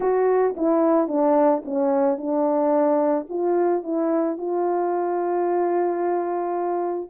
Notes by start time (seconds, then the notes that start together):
0.00 F#4
0.56 E4
1.08 D4
1.64 C#4
2.17 D4
3.29 F4
3.83 E4
4.37 F4